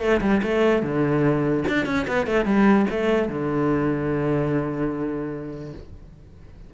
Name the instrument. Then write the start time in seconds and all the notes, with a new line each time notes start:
cello
0.00 A3
0.21 G3
0.42 A3
0.82 D3
1.68 D4
1.86 C#4
2.07 B3
2.26 A3
2.45 G3
2.90 A3
3.28 D3